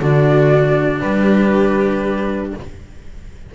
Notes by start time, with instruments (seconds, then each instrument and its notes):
0.00 double bass D3, cello D4, viola F#4, flute D5
1.00 double bass G3, viola G4, flute B4